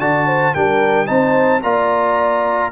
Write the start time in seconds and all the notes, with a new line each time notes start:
0.00 D3 F#4 D5 A5
0.27 C5
0.55 G3 D4 A#4 G5
1.06 C4 D#4 C5 A5
1.62 A#3 F4 D5 A#5